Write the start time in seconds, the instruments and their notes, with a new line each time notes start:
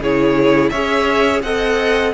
0.00 cello C#3, viola E4, violin G#4 C#5
0.70 cello C#4, viola G#4, violin C#5 E5
1.42 cello C4, viola A4, violin D#5 F#5